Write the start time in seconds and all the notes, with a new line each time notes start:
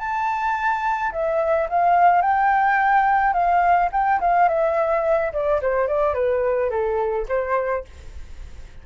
0.00 A5
1.12 E5
1.70 F5
2.22 G5
3.34 F5
3.93 G5
4.21 F5
4.49 E5
5.33 D5
5.62 C5
5.88 D5
6.15 B4
6.70 A4
7.29 C5